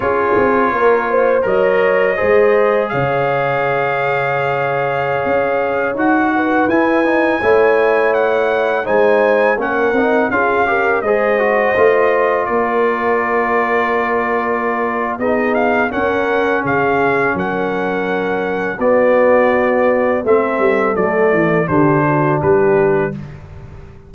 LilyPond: <<
  \new Staff \with { instrumentName = "trumpet" } { \time 4/4 \tempo 4 = 83 cis''2 dis''2 | f''1~ | f''16 fis''4 gis''2 fis''8.~ | fis''16 gis''4 fis''4 f''4 dis''8.~ |
dis''4~ dis''16 d''2~ d''8.~ | d''4 dis''8 f''8 fis''4 f''4 | fis''2 d''2 | e''4 d''4 c''4 b'4 | }
  \new Staff \with { instrumentName = "horn" } { \time 4/4 gis'4 ais'8 c''8 cis''4 c''4 | cis''1~ | cis''8. b'4. cis''4.~ cis''16~ | cis''16 c''4 ais'4 gis'8 ais'8 c''8.~ |
c''4~ c''16 ais'2~ ais'8.~ | ais'4 gis'4 ais'4 gis'4 | ais'2 fis'2 | a'2 g'8 fis'8 g'4 | }
  \new Staff \with { instrumentName = "trombone" } { \time 4/4 f'2 ais'4 gis'4~ | gis'1~ | gis'16 fis'4 e'8 dis'8 e'4.~ e'16~ | e'16 dis'4 cis'8 dis'8 f'8 g'8 gis'8 fis'16~ |
fis'16 f'2.~ f'8.~ | f'4 dis'4 cis'2~ | cis'2 b2 | c'4 a4 d'2 | }
  \new Staff \with { instrumentName = "tuba" } { \time 4/4 cis'8 c'8 ais4 fis4 gis4 | cis2.~ cis16 cis'8.~ | cis'16 dis'4 e'4 a4.~ a16~ | a16 gis4 ais8 c'8 cis'4 gis8.~ |
gis16 a4 ais2~ ais8.~ | ais4 b4 cis'4 cis4 | fis2 b2 | a8 g8 fis8 e8 d4 g4 | }
>>